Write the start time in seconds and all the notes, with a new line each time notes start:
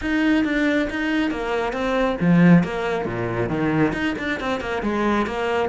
0.01 D#4
0.44 D4
0.90 D#4
1.30 A#3
1.72 C4
2.20 F3
2.63 A#3
3.05 A#2
3.49 D#3
3.93 D#4
4.18 D4
4.40 C4
4.60 A#3
4.82 G#3
5.26 A#3